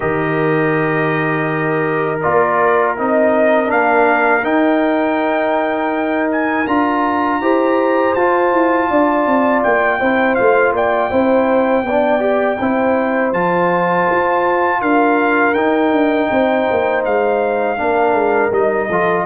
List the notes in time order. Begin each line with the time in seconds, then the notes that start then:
0.00 D#3 G4 A#4 D#5
2.21 A#3 F4 D5
2.96 C4 D#4 D#5
3.66 A#3 D4 F5
4.43 D#4 G5
6.31 G#5
6.66 D4 F4 A#5
7.40 E4 G4 C5
8.14 F4 A5
8.52 E4
8.90 D4 D5
9.26 C4
9.63 A#3 G5
9.99 C4 E4 C5
10.35 A3 F4 F5
10.72 A#3 D5 G5
11.10 C4 E4 C5
11.82 B3 D5
11.90 D4
12.19 G4
12.59 C4 E4 C5
13.32 F3 F4 A5
14.10 F4
14.80 D4 A#4 F5
15.54 D#4 G5
15.91 D4
16.30 C4 C5
16.71 A#3
17.04 G#3 F5
17.77 A#3 D4 A#4
18.13 G#3
18.51 G3 D#4 D#5
18.88 F3 F4 A4